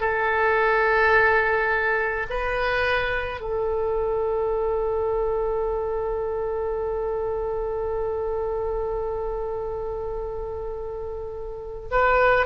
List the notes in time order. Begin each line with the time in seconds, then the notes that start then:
0.00 A4
2.30 B4
3.40 A4
11.91 B4